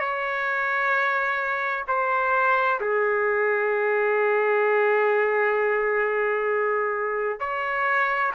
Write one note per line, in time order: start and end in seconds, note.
0.00 1.85 C#5
1.88 2.80 C5
2.80 7.40 G#4
7.40 8.32 C#5